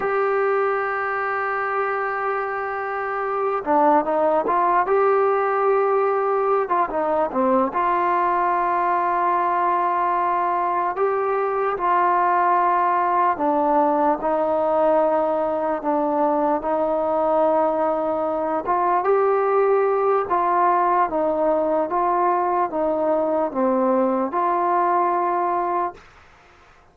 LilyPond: \new Staff \with { instrumentName = "trombone" } { \time 4/4 \tempo 4 = 74 g'1~ | g'8 d'8 dis'8 f'8 g'2~ | g'16 f'16 dis'8 c'8 f'2~ f'8~ | f'4. g'4 f'4.~ |
f'8 d'4 dis'2 d'8~ | d'8 dis'2~ dis'8 f'8 g'8~ | g'4 f'4 dis'4 f'4 | dis'4 c'4 f'2 | }